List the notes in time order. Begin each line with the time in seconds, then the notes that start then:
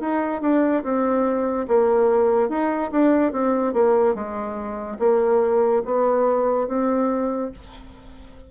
0.00 D#4
0.41 D4
0.83 C4
1.68 A#3
2.49 D#4
2.92 D4
3.32 C4
3.73 A#3
4.14 G#3
4.99 A#3
5.85 B3
6.67 C4